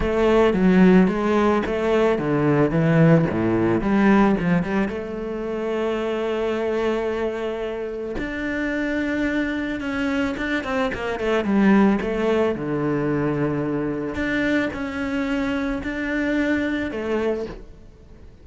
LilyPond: \new Staff \with { instrumentName = "cello" } { \time 4/4 \tempo 4 = 110 a4 fis4 gis4 a4 | d4 e4 a,4 g4 | f8 g8 a2.~ | a2. d'4~ |
d'2 cis'4 d'8 c'8 | ais8 a8 g4 a4 d4~ | d2 d'4 cis'4~ | cis'4 d'2 a4 | }